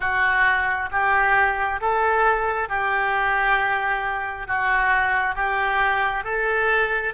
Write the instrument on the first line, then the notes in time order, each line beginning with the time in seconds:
oboe
0.00 F#4
0.91 G4
1.80 A4
2.69 G4
4.47 F#4
5.35 G4
6.24 A4